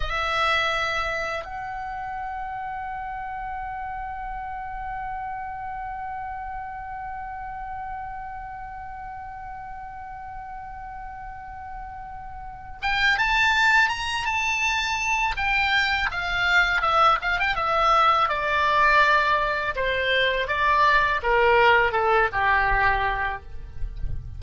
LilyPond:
\new Staff \with { instrumentName = "oboe" } { \time 4/4 \tempo 4 = 82 e''2 fis''2~ | fis''1~ | fis''1~ | fis''1~ |
fis''4. g''8 a''4 ais''8 a''8~ | a''4 g''4 f''4 e''8 f''16 g''16 | e''4 d''2 c''4 | d''4 ais'4 a'8 g'4. | }